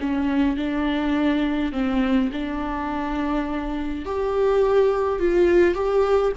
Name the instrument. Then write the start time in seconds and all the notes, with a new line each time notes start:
viola
0.00 C#4
0.56 D4
1.72 C4
2.32 D4
4.05 G4
5.19 F4
5.74 G4